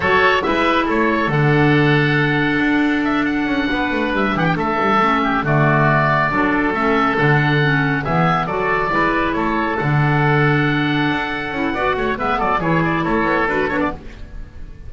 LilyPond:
<<
  \new Staff \with { instrumentName = "oboe" } { \time 4/4 \tempo 4 = 138 cis''4 e''4 cis''4 fis''4~ | fis''2. e''8 fis''8~ | fis''4. e''8 fis''16 g''16 e''4.~ | e''8 d''2. e''8~ |
e''8 fis''2 e''4 d''8~ | d''4. cis''4 fis''4.~ | fis''1 | e''8 d''8 cis''8 d''8 cis''4 b'8 cis''16 d''16 | }
  \new Staff \with { instrumentName = "oboe" } { \time 4/4 a'4 b'4 a'2~ | a'1~ | a'8 b'4. g'8 a'4. | g'8 fis'2 a'4.~ |
a'2~ a'8 gis'4 a'8~ | a'8 b'4 a'2~ a'8~ | a'2. d''8 cis''8 | b'8 a'8 gis'4 a'2 | }
  \new Staff \with { instrumentName = "clarinet" } { \time 4/4 fis'4 e'2 d'4~ | d'1~ | d'2.~ d'8 cis'8~ | cis'8 a2 d'4 cis'8~ |
cis'8 d'4 cis'4 b4 fis'8~ | fis'8 e'2 d'4.~ | d'2~ d'8 e'8 fis'4 | b4 e'2 fis'8 d'8 | }
  \new Staff \with { instrumentName = "double bass" } { \time 4/4 fis4 gis4 a4 d4~ | d2 d'2 | cis'8 b8 a8 g8 e8 a8 g8 a8~ | a8 d2 fis4 a8~ |
a8 d2 e4 fis8~ | fis8 gis4 a4 d4.~ | d4. d'4 cis'8 b8 a8 | gis8 fis8 e4 a8 b8 d'8 b8 | }
>>